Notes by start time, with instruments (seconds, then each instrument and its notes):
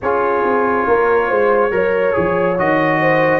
0.01 tuba C#4, trombone F4, horn G#4, trumpet C#5
0.43 tuba C4
0.87 tuba A#3, horn A#4
1.27 tuba G#3, horn C5
1.71 tuba F#3, trombone A#4, horn C#5
2.13 tuba F3, trombone G#4
2.58 tuba D#3, trombone F#4, trumpet D#5
3.00 horn C5